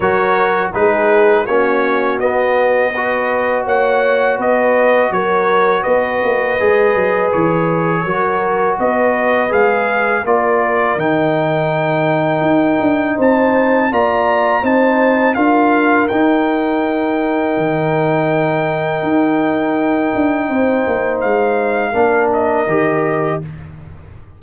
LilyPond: <<
  \new Staff \with { instrumentName = "trumpet" } { \time 4/4 \tempo 4 = 82 cis''4 b'4 cis''4 dis''4~ | dis''4 fis''4 dis''4 cis''4 | dis''2 cis''2 | dis''4 f''4 d''4 g''4~ |
g''2 a''4 ais''4 | a''4 f''4 g''2~ | g''1~ | g''4 f''4. dis''4. | }
  \new Staff \with { instrumentName = "horn" } { \time 4/4 ais'4 gis'4 fis'2 | b'4 cis''4 b'4 ais'4 | b'2. ais'4 | b'2 ais'2~ |
ais'2 c''4 d''4 | c''4 ais'2.~ | ais'1 | c''2 ais'2 | }
  \new Staff \with { instrumentName = "trombone" } { \time 4/4 fis'4 dis'4 cis'4 b4 | fis'1~ | fis'4 gis'2 fis'4~ | fis'4 gis'4 f'4 dis'4~ |
dis'2. f'4 | dis'4 f'4 dis'2~ | dis'1~ | dis'2 d'4 g'4 | }
  \new Staff \with { instrumentName = "tuba" } { \time 4/4 fis4 gis4 ais4 b4~ | b4 ais4 b4 fis4 | b8 ais8 gis8 fis8 e4 fis4 | b4 gis4 ais4 dis4~ |
dis4 dis'8 d'8 c'4 ais4 | c'4 d'4 dis'2 | dis2 dis'4. d'8 | c'8 ais8 gis4 ais4 dis4 | }
>>